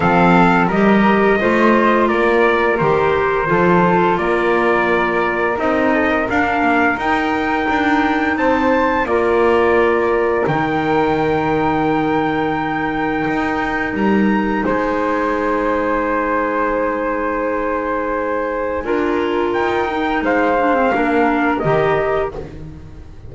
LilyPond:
<<
  \new Staff \with { instrumentName = "trumpet" } { \time 4/4 \tempo 4 = 86 f''4 dis''2 d''4 | c''2 d''2 | dis''4 f''4 g''2 | a''4 d''2 g''4~ |
g''1 | ais''4 gis''2.~ | gis''1 | g''4 f''2 dis''4 | }
  \new Staff \with { instrumentName = "flute" } { \time 4/4 a'4 ais'4 c''4 ais'4~ | ais'4 a'4 ais'2~ | ais'8 a'16 ais'2.~ ais'16 | c''4 ais'2.~ |
ais'1~ | ais'4 c''2.~ | c''2. ais'4~ | ais'4 c''4 ais'2 | }
  \new Staff \with { instrumentName = "clarinet" } { \time 4/4 c'4 g'4 f'2 | g'4 f'2. | dis'4 d'4 dis'2~ | dis'4 f'2 dis'4~ |
dis'1~ | dis'1~ | dis'2. f'4~ | f'8 dis'4 d'16 c'16 d'4 g'4 | }
  \new Staff \with { instrumentName = "double bass" } { \time 4/4 f4 g4 a4 ais4 | dis4 f4 ais2 | c'4 d'8 ais8 dis'4 d'4 | c'4 ais2 dis4~ |
dis2. dis'4 | g4 gis2.~ | gis2. d'4 | dis'4 gis4 ais4 dis4 | }
>>